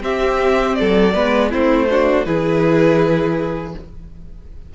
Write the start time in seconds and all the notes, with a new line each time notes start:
0.00 C4 G4 E5
0.75 F#3 A4 D5
1.14 G#3 B3 B4
1.50 A3 C4 E4 C5
1.90 D4 F#4
2.25 E3 E4 G#4 B4